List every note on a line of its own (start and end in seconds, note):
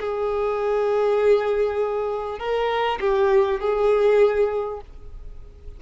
0.00 2.39 G#4
2.39 2.99 A#4
3.01 3.61 G4
3.61 4.81 G#4